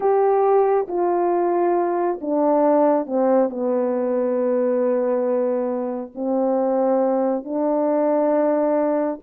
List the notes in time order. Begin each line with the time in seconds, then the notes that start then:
0.00 G4
0.88 F4
2.21 D4
3.06 C4
3.49 B3
6.14 C4
7.44 D4